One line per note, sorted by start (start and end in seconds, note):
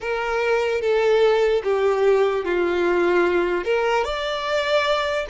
0.00 0.81 A#4
0.81 1.62 A4
1.63 2.44 G4
2.44 3.64 F4
3.64 4.04 A#4
4.04 5.26 D5